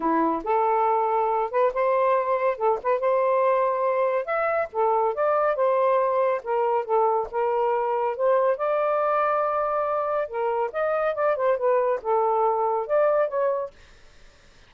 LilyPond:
\new Staff \with { instrumentName = "saxophone" } { \time 4/4 \tempo 4 = 140 e'4 a'2~ a'8 b'8 | c''2 a'8 b'8 c''4~ | c''2 e''4 a'4 | d''4 c''2 ais'4 |
a'4 ais'2 c''4 | d''1 | ais'4 dis''4 d''8 c''8 b'4 | a'2 d''4 cis''4 | }